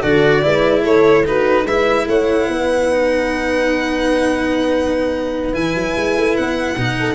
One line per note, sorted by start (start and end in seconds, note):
0.00 0.44 D3
0.00 0.42 F#4
0.00 0.41 A4
0.00 0.83 D5
0.42 0.85 G#3
0.42 1.24 E4
0.42 0.83 B4
0.83 1.64 A3
0.83 1.23 A4
0.83 1.25 C#5
1.25 1.65 D#4
1.25 1.65 F#4
1.25 1.67 B4
1.64 2.05 G#3
1.64 2.91 E4
1.64 2.06 B4
1.64 2.08 E5
2.07 2.47 A3
2.07 2.47 C#5
2.07 5.54 F#5
2.47 5.53 B3
2.47 6.96 B4
2.91 5.53 D#4
5.53 5.74 E3
5.53 6.75 E4
5.53 6.36 G#5
5.74 5.95 F#3
5.96 6.16 G#3
6.16 6.37 A3
6.36 6.76 B3
6.36 7.15 F#5
6.76 7.15 B2
6.76 7.15 D#4
6.99 7.15 A4